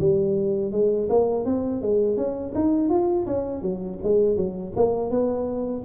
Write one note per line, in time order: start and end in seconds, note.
0.00 0.72 G3
0.72 1.09 G#3
1.10 1.46 A#3
1.46 1.82 C4
1.82 2.17 G#3
2.17 2.54 C#4
2.55 2.90 D#4
2.90 3.26 F4
3.27 3.63 C#4
3.63 3.99 F#3
4.03 4.37 G#3
4.37 4.73 F#3
4.76 5.11 A#3
5.11 5.84 B3